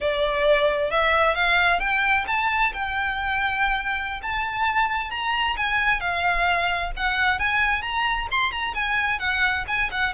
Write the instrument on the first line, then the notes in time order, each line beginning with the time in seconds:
violin
0.00 D5
0.90 E5
1.34 F5
1.79 G5
2.27 A5
2.73 G5
4.22 A5
5.10 A#5
5.57 G#5
6.00 F5
6.96 F#5
7.39 G#5
7.81 A#5
8.31 C6
8.51 A#5
8.74 G#5
9.19 F#5
9.67 G#5
9.91 F#5